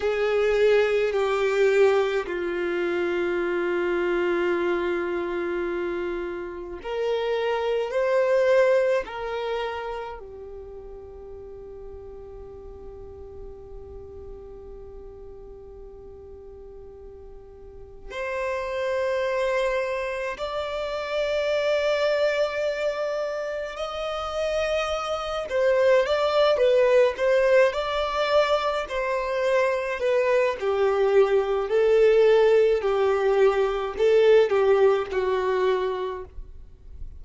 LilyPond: \new Staff \with { instrumentName = "violin" } { \time 4/4 \tempo 4 = 53 gis'4 g'4 f'2~ | f'2 ais'4 c''4 | ais'4 g'2.~ | g'1 |
c''2 d''2~ | d''4 dis''4. c''8 d''8 b'8 | c''8 d''4 c''4 b'8 g'4 | a'4 g'4 a'8 g'8 fis'4 | }